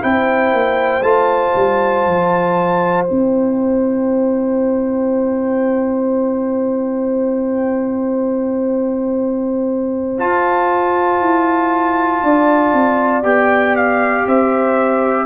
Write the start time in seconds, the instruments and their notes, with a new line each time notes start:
0.00 tuba C4, trombone E4, horn C5, trumpet G5
0.53 tuba A#3
1.02 tuba A3, trombone F4, trumpet A5
1.56 tuba G3
2.06 tuba F3
3.04 trombone E4, trumpet G5
3.11 tuba C4
10.18 trombone F4, tuba F4, trumpet A5
11.21 tuba E4
12.23 tuba D4, horn D5
12.73 tuba C4
13.24 tuba B3, trombone G4, trumpet G5
13.76 trumpet F5
14.26 tuba C4, horn C5, trumpet E5